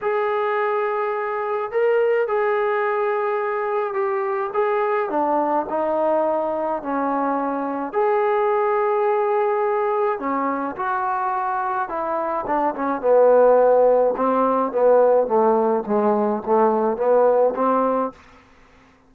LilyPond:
\new Staff \with { instrumentName = "trombone" } { \time 4/4 \tempo 4 = 106 gis'2. ais'4 | gis'2. g'4 | gis'4 d'4 dis'2 | cis'2 gis'2~ |
gis'2 cis'4 fis'4~ | fis'4 e'4 d'8 cis'8 b4~ | b4 c'4 b4 a4 | gis4 a4 b4 c'4 | }